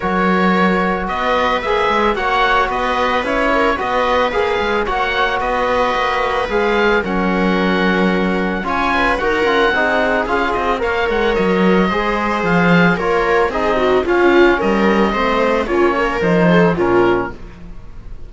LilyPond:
<<
  \new Staff \with { instrumentName = "oboe" } { \time 4/4 \tempo 4 = 111 cis''2 dis''4 e''4 | fis''4 dis''4 cis''4 dis''4 | f''4 fis''4 dis''2 | f''4 fis''2. |
gis''4 fis''2 f''8 dis''8 | f''8 fis''8 dis''2 f''4 | cis''4 dis''4 f''4 dis''4~ | dis''4 cis''4 c''4 ais'4 | }
  \new Staff \with { instrumentName = "viola" } { \time 4/4 ais'2 b'2 | cis''4 b'4. ais'8 b'4~ | b'4 cis''4 b'2~ | b'4 ais'2. |
cis''8 b'8 ais'4 gis'2 | cis''2 c''2 | ais'4 gis'8 fis'8 f'4 ais'4 | c''4 f'8 ais'4 a'8 f'4 | }
  \new Staff \with { instrumentName = "trombone" } { \time 4/4 fis'2. gis'4 | fis'2 e'4 fis'4 | gis'4 fis'2. | gis'4 cis'2. |
f'4 fis'8 f'8 dis'4 f'4 | ais'2 gis'2 | f'4 dis'4 cis'2 | c'4 cis'4 dis'4 cis'4 | }
  \new Staff \with { instrumentName = "cello" } { \time 4/4 fis2 b4 ais8 gis8 | ais4 b4 cis'4 b4 | ais8 gis8 ais4 b4 ais4 | gis4 fis2. |
cis'4 dis'8 cis'8 c'4 cis'8 c'8 | ais8 gis8 fis4 gis4 f4 | ais4 c'4 cis'4 g4 | a4 ais4 f4 ais,4 | }
>>